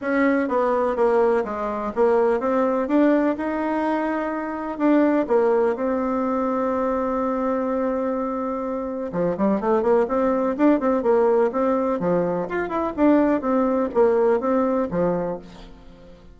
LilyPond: \new Staff \with { instrumentName = "bassoon" } { \time 4/4 \tempo 4 = 125 cis'4 b4 ais4 gis4 | ais4 c'4 d'4 dis'4~ | dis'2 d'4 ais4 | c'1~ |
c'2. f8 g8 | a8 ais8 c'4 d'8 c'8 ais4 | c'4 f4 f'8 e'8 d'4 | c'4 ais4 c'4 f4 | }